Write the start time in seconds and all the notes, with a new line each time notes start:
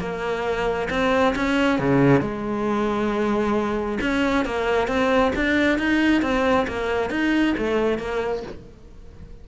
0.00 A#3
0.91 C4
1.36 C#4
1.80 C#3
2.21 G#3
4.01 C#4
4.46 A#3
4.88 C4
5.36 D4
5.79 D#4
6.22 C4
6.68 A#3
7.11 D#4
7.58 A3
7.99 A#3